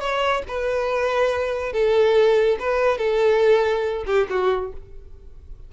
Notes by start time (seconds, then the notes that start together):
0.00 C#5
0.48 B4
1.73 A4
2.60 B4
2.98 A4
4.06 G4
4.30 F#4